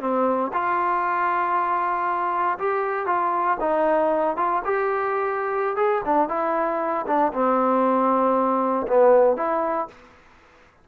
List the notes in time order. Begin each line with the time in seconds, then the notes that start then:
0.00 C4
0.53 F4
2.59 G4
3.06 F4
3.60 D#4
4.37 F4
4.65 G4
5.76 G#4
6.05 D4
6.29 E4
7.07 D4
7.33 C4
8.87 B3
9.36 E4